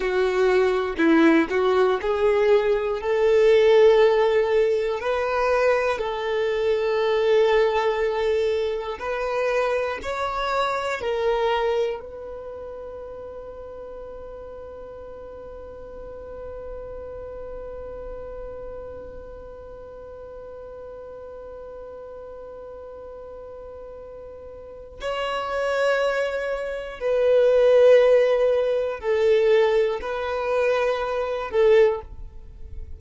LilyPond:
\new Staff \with { instrumentName = "violin" } { \time 4/4 \tempo 4 = 60 fis'4 e'8 fis'8 gis'4 a'4~ | a'4 b'4 a'2~ | a'4 b'4 cis''4 ais'4 | b'1~ |
b'1~ | b'1~ | b'4 cis''2 b'4~ | b'4 a'4 b'4. a'8 | }